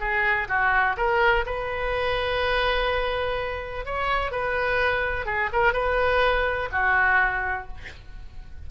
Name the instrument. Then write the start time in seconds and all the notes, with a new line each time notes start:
oboe
0.00 G#4
0.49 F#4
0.97 A#4
1.46 B4
3.86 C#5
4.31 B4
5.26 G#4
5.53 A#4
5.73 B4
6.72 F#4